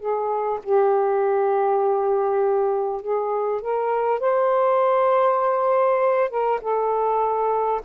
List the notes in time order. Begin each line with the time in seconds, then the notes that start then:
0.00 G#4
0.63 G4
3.02 G#4
3.62 A#4
4.20 C5
6.30 A#4
6.62 A4